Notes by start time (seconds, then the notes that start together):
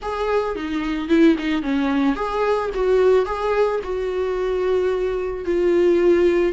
0.01 G#4
0.55 D#4
1.08 E4
1.38 D#4
1.62 C#4
2.15 G#4
2.74 F#4
3.25 G#4
3.83 F#4
5.45 F4